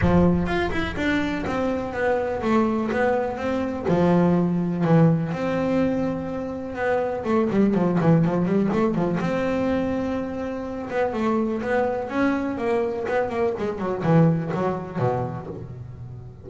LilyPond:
\new Staff \with { instrumentName = "double bass" } { \time 4/4 \tempo 4 = 124 f4 f'8 e'8 d'4 c'4 | b4 a4 b4 c'4 | f2 e4 c'4~ | c'2 b4 a8 g8 |
f8 e8 f8 g8 a8 f8 c'4~ | c'2~ c'8 b8 a4 | b4 cis'4 ais4 b8 ais8 | gis8 fis8 e4 fis4 b,4 | }